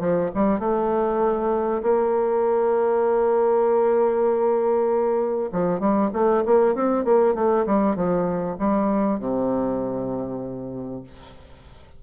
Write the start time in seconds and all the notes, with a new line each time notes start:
0.00 F3
0.35 G3
0.60 A3
1.83 A#3
5.53 F3
5.80 G3
6.13 A3
6.46 A#3
6.75 C4
7.05 A#3
7.35 A3
7.66 G3
7.96 F3
8.59 G3
9.20 C3